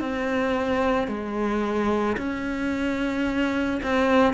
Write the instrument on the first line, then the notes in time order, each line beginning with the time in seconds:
cello
0.00 C4
1.08 G#3
2.17 C#4
3.83 C4